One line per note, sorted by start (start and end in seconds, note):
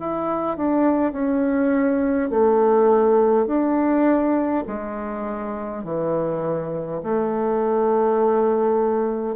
0.00 0.57 E4
0.57 1.13 D4
1.13 2.30 C#4
2.30 3.47 A3
3.47 4.65 D4
4.67 5.84 G#3
5.84 7.02 E3
7.03 9.36 A3